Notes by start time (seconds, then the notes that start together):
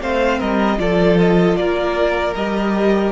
0.00 A3 C4 C5 F5
0.39 G3 A#4 D#5
0.78 F3 F4 A4 D5
1.19 D#5
1.56 A#3 A#4 D5
2.35 G3 G4 D#5